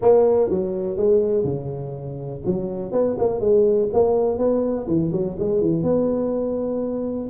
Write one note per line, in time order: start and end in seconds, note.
0.01 0.49 A#3
0.49 0.96 F#3
0.96 1.44 G#3
1.44 2.41 C#3
2.45 2.91 F#3
2.91 3.16 B3
3.18 3.40 A#3
3.40 3.88 G#3
3.93 4.37 A#3
4.37 4.86 B3
4.87 5.11 E3
5.12 5.37 F#3
5.39 5.61 G#3
5.61 5.82 E3
5.82 7.29 B3